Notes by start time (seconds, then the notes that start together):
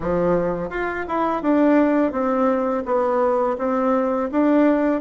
0.00 F3
0.69 F4
1.08 E4
1.42 D4
2.12 C4
2.85 B3
3.57 C4
4.31 D4